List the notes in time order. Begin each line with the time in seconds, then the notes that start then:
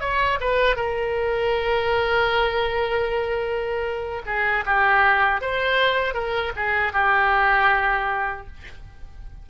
0.00 C#5
0.40 B4
0.76 A#4
4.26 G#4
4.65 G4
5.41 C5
6.14 A#4
6.56 G#4
6.92 G4